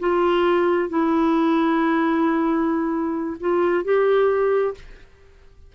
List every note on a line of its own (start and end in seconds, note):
0.00 0.90 F4
0.90 3.38 E4
3.40 3.85 F4
3.85 4.75 G4